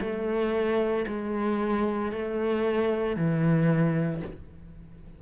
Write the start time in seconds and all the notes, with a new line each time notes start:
0.00 A3
1.07 G#3
2.12 A3
3.16 E3